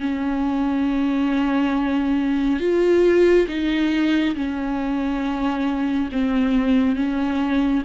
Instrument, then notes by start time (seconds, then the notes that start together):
viola
0.00 C#4
2.60 F4
3.48 D#4
4.36 C#4
6.13 C4
6.96 C#4